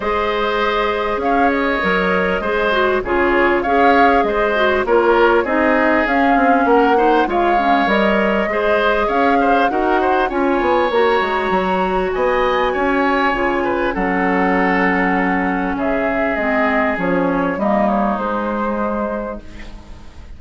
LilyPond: <<
  \new Staff \with { instrumentName = "flute" } { \time 4/4 \tempo 4 = 99 dis''2 f''8 dis''4.~ | dis''4 cis''4 f''4 dis''4 | cis''4 dis''4 f''4 fis''4 | f''4 dis''2 f''4 |
fis''4 gis''4 ais''2 | gis''2. fis''4~ | fis''2 e''4 dis''4 | cis''4 dis''8 cis''8 c''2 | }
  \new Staff \with { instrumentName = "oboe" } { \time 4/4 c''2 cis''2 | c''4 gis'4 cis''4 c''4 | ais'4 gis'2 ais'8 c''8 | cis''2 c''4 cis''8 c''8 |
ais'8 c''8 cis''2. | dis''4 cis''4. b'8 a'4~ | a'2 gis'2~ | gis'4 dis'2. | }
  \new Staff \with { instrumentName = "clarinet" } { \time 4/4 gis'2. ais'4 | gis'8 fis'8 f'4 gis'4. fis'8 | f'4 dis'4 cis'4. dis'8 | f'8 cis'8 ais'4 gis'2 |
fis'4 f'4 fis'2~ | fis'2 f'4 cis'4~ | cis'2. c'4 | cis'4 ais4 gis2 | }
  \new Staff \with { instrumentName = "bassoon" } { \time 4/4 gis2 cis'4 fis4 | gis4 cis4 cis'4 gis4 | ais4 c'4 cis'8 c'8 ais4 | gis4 g4 gis4 cis'4 |
dis'4 cis'8 b8 ais8 gis8 fis4 | b4 cis'4 cis4 fis4~ | fis2 cis4 gis4 | f4 g4 gis2 | }
>>